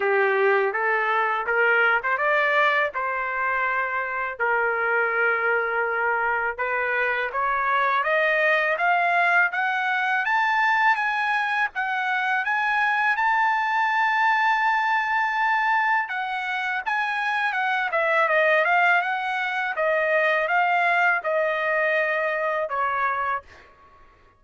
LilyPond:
\new Staff \with { instrumentName = "trumpet" } { \time 4/4 \tempo 4 = 82 g'4 a'4 ais'8. c''16 d''4 | c''2 ais'2~ | ais'4 b'4 cis''4 dis''4 | f''4 fis''4 a''4 gis''4 |
fis''4 gis''4 a''2~ | a''2 fis''4 gis''4 | fis''8 e''8 dis''8 f''8 fis''4 dis''4 | f''4 dis''2 cis''4 | }